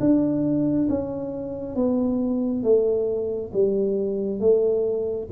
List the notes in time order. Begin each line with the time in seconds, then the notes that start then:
0.00 D4
0.89 C#4
1.76 B3
2.64 A3
3.53 G3
4.40 A3